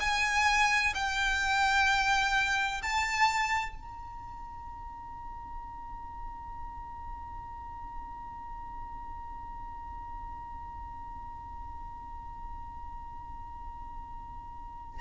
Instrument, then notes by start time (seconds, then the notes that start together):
violin
0.00 G#5
0.95 G5
2.83 A5
3.76 A#5